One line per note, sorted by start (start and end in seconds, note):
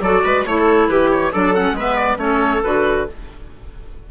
0.00 0.22 F#3
0.00 0.47 F#4
0.00 0.24 A4
0.00 0.45 D5
0.24 0.45 G#3
0.24 0.45 B4
0.45 0.89 A3
0.45 1.32 E4
0.45 0.88 C#5
0.45 0.57 C#5
0.57 0.89 A4
0.88 1.32 E3
0.88 1.32 G4
0.88 1.10 B4
1.11 1.33 C#5
1.32 1.72 F#3
1.32 1.54 D4
1.32 1.75 A4
1.32 1.55 D5
1.54 1.76 C#4
1.54 1.76 F#5
1.72 2.16 G#3
1.72 2.19 B4
1.79 2.17 B3
1.79 1.96 E5
1.96 2.17 D5
2.17 2.61 A3
2.17 2.61 C#4
2.17 2.62 C#5
2.24 3.11 A4
2.63 3.09 D3
2.63 3.07 F#4
2.63 3.07 B4